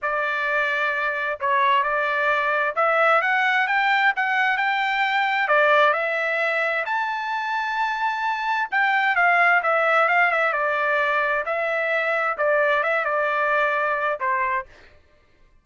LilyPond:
\new Staff \with { instrumentName = "trumpet" } { \time 4/4 \tempo 4 = 131 d''2. cis''4 | d''2 e''4 fis''4 | g''4 fis''4 g''2 | d''4 e''2 a''4~ |
a''2. g''4 | f''4 e''4 f''8 e''8 d''4~ | d''4 e''2 d''4 | e''8 d''2~ d''8 c''4 | }